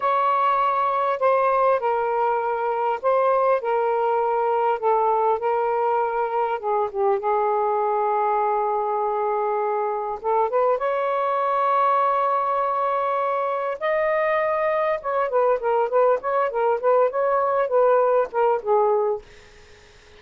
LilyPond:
\new Staff \with { instrumentName = "saxophone" } { \time 4/4 \tempo 4 = 100 cis''2 c''4 ais'4~ | ais'4 c''4 ais'2 | a'4 ais'2 gis'8 g'8 | gis'1~ |
gis'4 a'8 b'8 cis''2~ | cis''2. dis''4~ | dis''4 cis''8 b'8 ais'8 b'8 cis''8 ais'8 | b'8 cis''4 b'4 ais'8 gis'4 | }